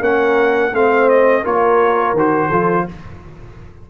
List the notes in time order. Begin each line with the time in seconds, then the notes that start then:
0.00 A#3 C#4 A#4 F#5
0.72 A3 C4 C5 F5
1.09 D#5
1.43 A#3 F4 A#4 C#5
2.13 D#3 F#4 C5
2.49 F3 F4 A4